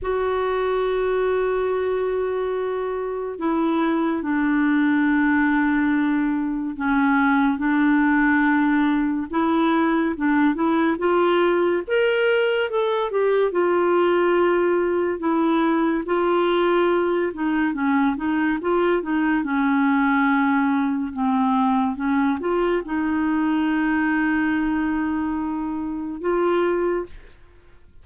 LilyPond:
\new Staff \with { instrumentName = "clarinet" } { \time 4/4 \tempo 4 = 71 fis'1 | e'4 d'2. | cis'4 d'2 e'4 | d'8 e'8 f'4 ais'4 a'8 g'8 |
f'2 e'4 f'4~ | f'8 dis'8 cis'8 dis'8 f'8 dis'8 cis'4~ | cis'4 c'4 cis'8 f'8 dis'4~ | dis'2. f'4 | }